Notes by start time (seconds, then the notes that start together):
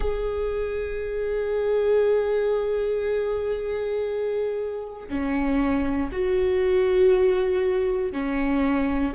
0.00 G#4
5.08 C#4
6.12 F#4
8.12 C#4